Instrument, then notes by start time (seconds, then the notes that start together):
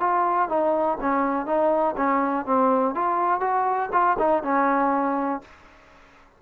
trombone
0.00 F4
0.49 D#4
1.01 C#4
1.46 D#4
1.97 C#4
2.46 C4
2.95 F4
3.41 F#4
3.93 F4
4.19 D#4
4.43 C#4